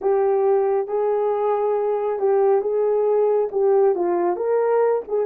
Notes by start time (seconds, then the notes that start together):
0.01 G4
0.87 G#4
2.19 G4
2.61 G#4
3.51 G4
3.95 F4
4.36 A#4
5.08 G#4